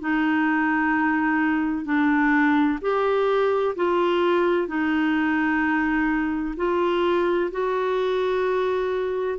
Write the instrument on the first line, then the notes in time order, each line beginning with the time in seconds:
clarinet
0.00 D#4
1.85 D4
2.81 G4
3.75 F4
4.67 D#4
6.56 F4
7.51 F#4